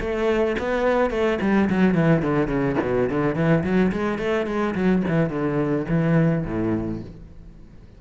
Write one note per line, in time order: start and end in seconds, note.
0.00 0.56 A3
0.59 1.10 B3
1.10 1.38 A3
1.41 1.69 G3
1.69 1.94 F#3
1.94 2.22 E3
2.22 2.47 D3
2.47 2.76 C#3
2.82 3.09 B2
3.09 3.35 D3
3.35 3.63 E3
3.63 3.92 F#3
3.92 4.18 G#3
4.18 4.46 A3
4.46 4.74 G#3
4.75 5.03 F#3
5.08 5.29 E3
5.29 5.85 D3
5.89 6.45 E3
6.45 7.01 A2